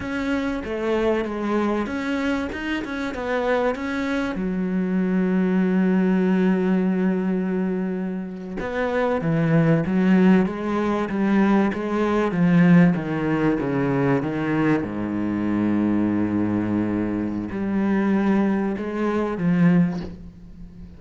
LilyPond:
\new Staff \with { instrumentName = "cello" } { \time 4/4 \tempo 4 = 96 cis'4 a4 gis4 cis'4 | dis'8 cis'8 b4 cis'4 fis4~ | fis1~ | fis4.~ fis16 b4 e4 fis16~ |
fis8. gis4 g4 gis4 f16~ | f8. dis4 cis4 dis4 gis,16~ | gis,1 | g2 gis4 f4 | }